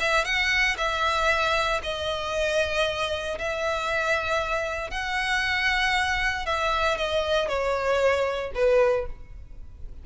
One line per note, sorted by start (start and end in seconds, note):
0.00 0.25 E5
0.25 0.76 F#5
0.78 1.81 E5
1.83 3.38 D#5
3.39 4.91 E5
4.91 6.46 F#5
6.46 6.98 E5
6.98 7.48 D#5
7.48 8.52 C#5
8.55 9.06 B4